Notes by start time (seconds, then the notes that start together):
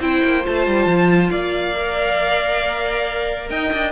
0.00 C4 E4 C5 G5
0.24 A#3
0.43 A3 F4 A5
0.68 G3
0.86 F3
1.30 A#3 D5 F5
1.76 A#4
3.50 D#4 D#5 G5
3.73 D4